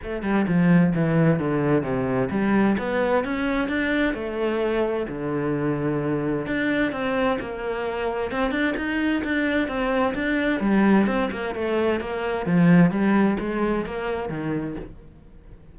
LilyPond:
\new Staff \with { instrumentName = "cello" } { \time 4/4 \tempo 4 = 130 a8 g8 f4 e4 d4 | c4 g4 b4 cis'4 | d'4 a2 d4~ | d2 d'4 c'4 |
ais2 c'8 d'8 dis'4 | d'4 c'4 d'4 g4 | c'8 ais8 a4 ais4 f4 | g4 gis4 ais4 dis4 | }